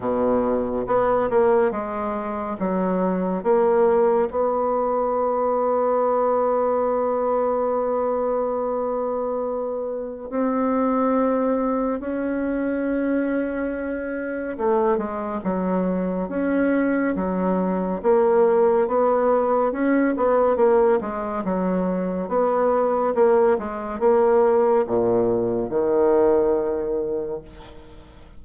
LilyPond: \new Staff \with { instrumentName = "bassoon" } { \time 4/4 \tempo 4 = 70 b,4 b8 ais8 gis4 fis4 | ais4 b2.~ | b1 | c'2 cis'2~ |
cis'4 a8 gis8 fis4 cis'4 | fis4 ais4 b4 cis'8 b8 | ais8 gis8 fis4 b4 ais8 gis8 | ais4 ais,4 dis2 | }